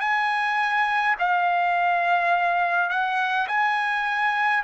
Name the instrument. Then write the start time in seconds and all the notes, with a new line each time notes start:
trumpet
0.00 G#5
1.19 F5
2.90 F#5
3.48 G#5